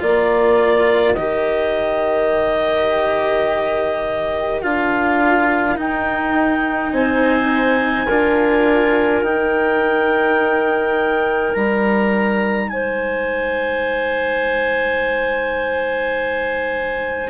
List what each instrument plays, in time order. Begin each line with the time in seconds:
0.00 bassoon A#3, cello F4, clarinet A#4 D5
1.15 bassoon D#3, cello G4, clarinet D#5
4.62 bassoon D4, cello F4, clarinet F5
5.76 cello D#4, bassoon D#4, clarinet G5
6.92 bassoon C4, clarinet C5 G#5
8.07 bassoon D4, cello F4, clarinet A#4
9.23 bassoon D#4, cello D#4, clarinet G5
11.54 bassoon G3, clarinet A#5
12.69 bassoon G#3, clarinet C5 G#5